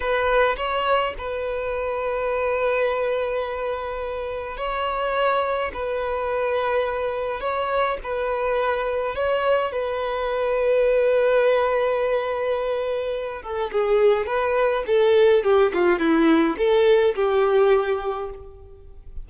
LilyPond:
\new Staff \with { instrumentName = "violin" } { \time 4/4 \tempo 4 = 105 b'4 cis''4 b'2~ | b'1 | cis''2 b'2~ | b'4 cis''4 b'2 |
cis''4 b'2.~ | b'2.~ b'8 a'8 | gis'4 b'4 a'4 g'8 f'8 | e'4 a'4 g'2 | }